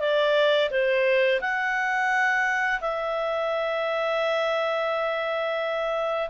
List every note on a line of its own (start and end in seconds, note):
0.00 0.70 D5
0.71 1.40 C5
1.41 2.81 F#5
2.81 6.30 E5